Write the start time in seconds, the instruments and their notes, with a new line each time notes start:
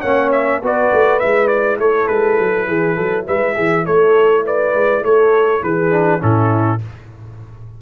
0.00 tuba A#3, trombone C#4, horn C#5, trumpet F#5
0.31 trumpet E5
0.61 tuba B3, trombone F#4, horn B4, trumpet D5
0.92 tuba A3
1.19 tuba G#3, trombone E4, trumpet E5
1.47 trumpet D5
1.78 tuba A3, horn A4, trumpet C#5
2.07 tuba G#3, trumpet B4
2.39 tuba F#3
2.67 tuba E3, horn G#4
2.96 tuba F#3, horn A4
3.27 tuba G#3, horn B4, trumpet E5
3.54 tuba E3, horn G#4
3.85 tuba A3, horn A4, trumpet C#5
4.45 horn B4, trumpet D5
4.74 tuba G#3
5.03 tuba A3, horn A4, trumpet C#5
5.62 tuba E3, horn G#4, trumpet B4
5.90 trombone D4
6.19 tuba A2, trombone C#4, horn E4, trumpet A4